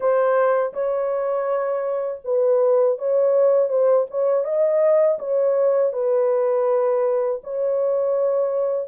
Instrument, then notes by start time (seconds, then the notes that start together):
horn
0.00 C5
0.73 C#5
2.24 B4
2.98 C#5
3.68 C5
4.10 C#5
4.44 D#5
5.18 C#5
5.93 B4
7.43 C#5